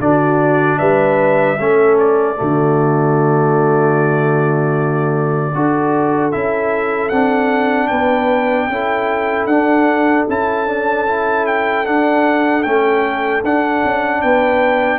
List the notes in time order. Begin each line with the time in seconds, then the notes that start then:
0.00 D3 D4 F#4 D5
0.79 G3 B4 E5
1.59 A3 C#4 A4
1.99 D5
2.36 D3 A3 F#4
5.55 D4 F#4 A4
6.32 C#4 E4 E5
7.09 C4 D4 F#5
7.88 B3 B4 G5
8.68 C#4 E4 A4
9.46 D4 F#5
10.29 C#4 E4 A5
10.67 D4
11.07 E4
11.47 G5
11.85 D4 F#5
12.63 A3 C#4 G5
13.44 D4 F#5
13.85 C#4
14.22 B3 B4 G5